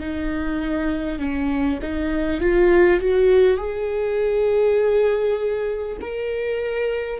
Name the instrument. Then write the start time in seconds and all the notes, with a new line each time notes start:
viola
0.00 D#4
1.19 C#4
1.82 D#4
2.41 F4
3.01 F#4
3.57 G#4
6.01 A#4